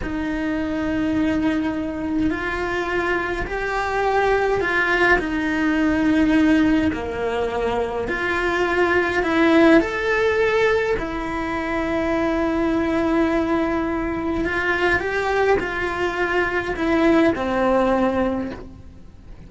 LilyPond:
\new Staff \with { instrumentName = "cello" } { \time 4/4 \tempo 4 = 104 dis'1 | f'2 g'2 | f'4 dis'2. | ais2 f'2 |
e'4 a'2 e'4~ | e'1~ | e'4 f'4 g'4 f'4~ | f'4 e'4 c'2 | }